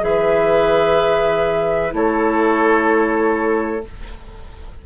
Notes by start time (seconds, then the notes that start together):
0.00 E3 G#4 B4 E5
1.90 A3 E4 A4 C#5